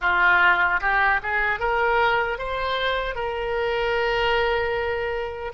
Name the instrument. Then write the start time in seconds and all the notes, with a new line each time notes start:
oboe
0.01 F4
0.80 G4
1.22 G#4
1.59 A#4
2.38 C5
3.15 A#4